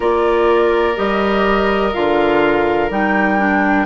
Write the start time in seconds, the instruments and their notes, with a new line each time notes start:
0.00 bassoon A#3, clarinet F4, oboe A#4, flute D5
0.96 bassoon G3, clarinet G4, flute D#5
1.93 bassoon D3, clarinet F4, flute F5
2.90 bassoon G3, clarinet D#4, flute G5
3.38 clarinet D4